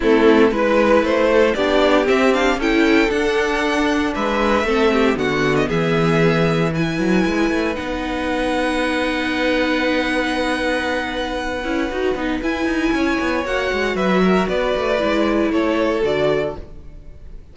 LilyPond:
<<
  \new Staff \with { instrumentName = "violin" } { \time 4/4 \tempo 4 = 116 a'4 b'4 c''4 d''4 | e''8 f''8 g''4 fis''2 | e''2 fis''8. dis''16 e''4~ | e''4 gis''2 fis''4~ |
fis''1~ | fis''1 | gis''2 fis''4 e''4 | d''2 cis''4 d''4 | }
  \new Staff \with { instrumentName = "violin" } { \time 4/4 e'4 b'4. a'8 g'4~ | g'4 a'2. | b'4 a'8 g'8 fis'4 gis'4~ | gis'4 b'2.~ |
b'1~ | b'1~ | b'4 cis''2 b'8 ais'8 | b'2 a'2 | }
  \new Staff \with { instrumentName = "viola" } { \time 4/4 c'4 e'2 d'4 | c'8 d'8 e'4 d'2~ | d'4 c'4 b2~ | b4 e'2 dis'4~ |
dis'1~ | dis'2~ dis'8 e'8 fis'8 dis'8 | e'2 fis'2~ | fis'4 e'2 fis'4 | }
  \new Staff \with { instrumentName = "cello" } { \time 4/4 a4 gis4 a4 b4 | c'4 cis'4 d'2 | gis4 a4 d4 e4~ | e4. fis8 gis8 a8 b4~ |
b1~ | b2~ b8 cis'8 dis'8 b8 | e'8 dis'8 cis'8 b8 ais8 gis8 fis4 | b8 a8 gis4 a4 d4 | }
>>